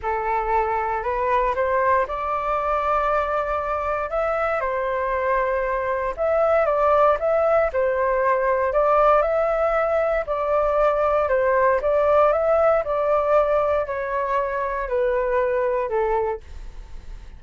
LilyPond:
\new Staff \with { instrumentName = "flute" } { \time 4/4 \tempo 4 = 117 a'2 b'4 c''4 | d''1 | e''4 c''2. | e''4 d''4 e''4 c''4~ |
c''4 d''4 e''2 | d''2 c''4 d''4 | e''4 d''2 cis''4~ | cis''4 b'2 a'4 | }